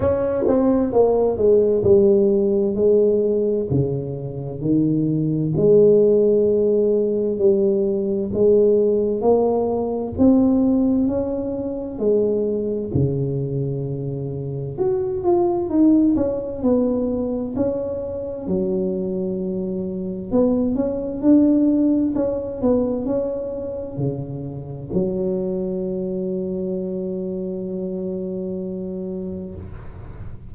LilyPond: \new Staff \with { instrumentName = "tuba" } { \time 4/4 \tempo 4 = 65 cis'8 c'8 ais8 gis8 g4 gis4 | cis4 dis4 gis2 | g4 gis4 ais4 c'4 | cis'4 gis4 cis2 |
fis'8 f'8 dis'8 cis'8 b4 cis'4 | fis2 b8 cis'8 d'4 | cis'8 b8 cis'4 cis4 fis4~ | fis1 | }